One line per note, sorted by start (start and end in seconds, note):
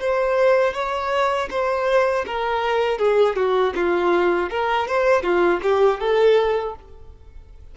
0.00 0.74 C5
0.74 1.49 C#5
1.50 2.25 C5
2.26 2.98 A#4
2.98 3.36 G#4
3.36 3.73 F#4
3.75 4.50 F4
4.50 4.88 A#4
4.88 5.23 C5
5.23 5.60 F4
5.62 6.00 G4
6.00 6.75 A4